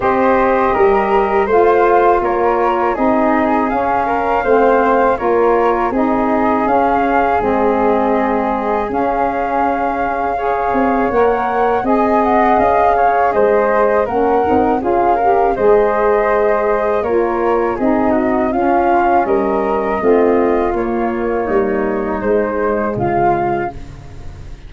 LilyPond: <<
  \new Staff \with { instrumentName = "flute" } { \time 4/4 \tempo 4 = 81 dis''2 f''4 cis''4 | dis''4 f''2 cis''4 | dis''4 f''4 dis''2 | f''2. fis''4 |
gis''8 fis''8 f''4 dis''4 fis''4 | f''4 dis''2 cis''4 | dis''4 f''4 dis''2 | cis''2 c''4 f''4 | }
  \new Staff \with { instrumentName = "flute" } { \time 4/4 c''4 ais'4 c''4 ais'4 | gis'4. ais'8 c''4 ais'4 | gis'1~ | gis'2 cis''2 |
dis''4. cis''8 c''4 ais'4 | gis'8 ais'8 c''2 ais'4 | gis'8 fis'8 f'4 ais'4 f'4~ | f'4 dis'2 f'4 | }
  \new Staff \with { instrumentName = "saxophone" } { \time 4/4 g'2 f'2 | dis'4 cis'4 c'4 f'4 | dis'4 cis'4 c'2 | cis'2 gis'4 ais'4 |
gis'2. cis'8 dis'8 | f'8 g'8 gis'2 f'4 | dis'4 cis'2 c'4 | ais2 gis2 | }
  \new Staff \with { instrumentName = "tuba" } { \time 4/4 c'4 g4 a4 ais4 | c'4 cis'4 a4 ais4 | c'4 cis'4 gis2 | cis'2~ cis'8 c'8 ais4 |
c'4 cis'4 gis4 ais8 c'8 | cis'4 gis2 ais4 | c'4 cis'4 g4 a4 | ais4 g4 gis4 cis4 | }
>>